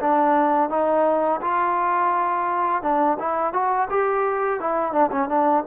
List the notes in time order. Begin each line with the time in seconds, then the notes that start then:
0.00 D4
0.70 D#4
1.41 F4
2.82 D4
3.19 E4
3.53 F#4
3.90 G4
4.60 E4
4.92 D4
5.11 C#4
5.29 D4